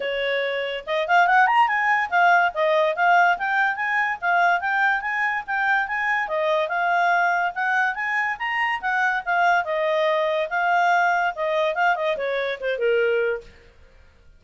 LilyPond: \new Staff \with { instrumentName = "clarinet" } { \time 4/4 \tempo 4 = 143 cis''2 dis''8 f''8 fis''8 ais''8 | gis''4 f''4 dis''4 f''4 | g''4 gis''4 f''4 g''4 | gis''4 g''4 gis''4 dis''4 |
f''2 fis''4 gis''4 | ais''4 fis''4 f''4 dis''4~ | dis''4 f''2 dis''4 | f''8 dis''8 cis''4 c''8 ais'4. | }